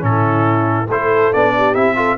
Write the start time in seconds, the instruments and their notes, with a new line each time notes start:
0.00 tuba A2, trombone C#4, horn E4, trumpet A4
0.88 tuba A3, trombone E4, horn A4, trumpet C5
1.33 tuba B3, trombone D4, trumpet D5
1.57 horn G4
1.75 tuba C4, trombone E4, trumpet E5
1.96 trombone F4, horn A4